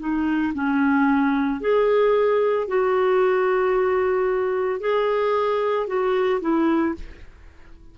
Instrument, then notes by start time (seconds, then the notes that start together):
clarinet
0.00 D#4
0.55 C#4
1.61 G#4
2.68 F#4
4.81 G#4
5.87 F#4
6.41 E4